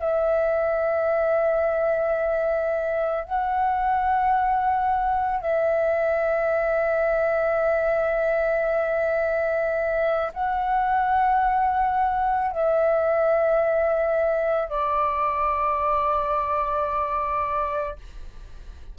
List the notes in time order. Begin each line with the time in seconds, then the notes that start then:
0.00 E5
3.25 F#5
5.41 E5
10.34 F#5
12.52 E5
14.69 D5